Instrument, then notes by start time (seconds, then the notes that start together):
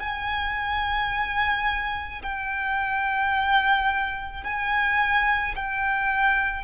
violin
0.00 G#5
2.23 G5
4.44 G#5
5.56 G5